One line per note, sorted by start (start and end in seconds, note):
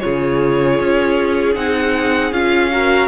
0.00 0.81 C#3
0.00 1.55 F4
0.00 2.73 G#4
0.00 1.54 C#5
0.81 1.56 C#4
1.55 2.33 C4
1.55 2.32 D#4
1.55 2.33 F#5
2.33 3.08 C#4
2.33 2.71 F4
2.33 3.08 F5
2.72 3.08 F#4
2.72 3.08 A#4